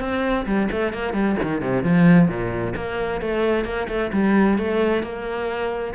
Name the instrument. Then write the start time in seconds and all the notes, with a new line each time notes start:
cello
0.00 C4
0.46 G3
0.72 A3
0.93 A#3
1.13 G3
1.43 D#3
1.61 C3
1.84 F3
2.29 A#2
2.76 A#3
3.21 A3
3.65 A#3
3.88 A3
4.13 G3
4.58 A3
5.03 A#3